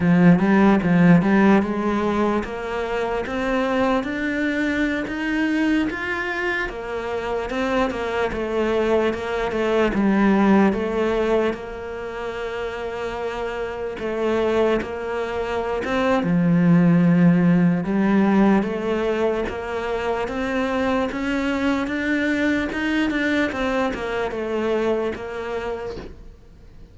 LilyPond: \new Staff \with { instrumentName = "cello" } { \time 4/4 \tempo 4 = 74 f8 g8 f8 g8 gis4 ais4 | c'4 d'4~ d'16 dis'4 f'8.~ | f'16 ais4 c'8 ais8 a4 ais8 a16~ | a16 g4 a4 ais4.~ ais16~ |
ais4~ ais16 a4 ais4~ ais16 c'8 | f2 g4 a4 | ais4 c'4 cis'4 d'4 | dis'8 d'8 c'8 ais8 a4 ais4 | }